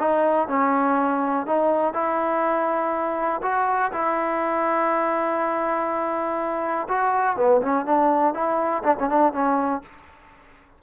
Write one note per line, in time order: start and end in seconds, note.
0.00 0.49 D#4
0.49 1.47 C#4
1.47 1.94 D#4
1.94 3.42 E4
3.43 3.92 F#4
3.93 6.88 E4
6.89 7.37 F#4
7.37 7.62 B3
7.62 7.86 C#4
7.86 8.34 D4
8.34 8.83 E4
8.84 8.96 D4
9.00 9.10 C#4
9.10 9.33 D4
9.33 9.82 C#4